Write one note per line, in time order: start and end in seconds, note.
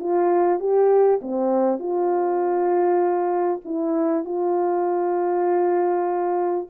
0.00 0.60 F4
0.60 1.20 G4
1.22 1.80 C4
1.80 3.61 F4
3.65 4.25 E4
4.25 6.67 F4